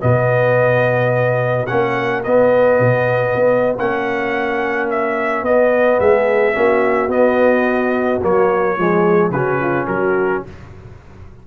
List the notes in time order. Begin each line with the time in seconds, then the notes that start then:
0.00 B2 B3 F#4 D#5
1.66 A#3 C#4 F#5
2.23 B3 D#5
2.79 B2
3.35 B3
3.77 A#3 C#4 F#5
4.90 E5
5.42 B3 D#5
5.99 G#3 G#4 E5
6.53 A#3 C#4 F#4
7.08 B3 D#5
8.22 F#3 A#3 C#5
8.77 F3 G#3 G#4
9.30 C#3 C#4 F#4 B4
9.60 F4
9.87 F#3 F#4 A#4